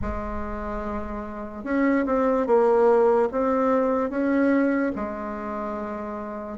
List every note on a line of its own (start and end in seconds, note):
0.01 1.64 G#3
1.64 2.05 C#4
2.05 2.47 C4
2.47 3.29 A#3
3.31 4.09 C4
4.09 4.92 C#4
4.95 6.58 G#3